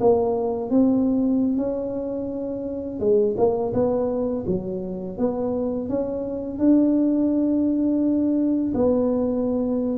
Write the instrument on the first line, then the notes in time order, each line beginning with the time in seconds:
tuba
0.00 A#3
0.70 C4
1.57 C#4
3.00 G#3
3.37 A#3
3.73 B3
4.46 F#3
5.18 B3
5.89 C#4
6.59 D4
8.74 B3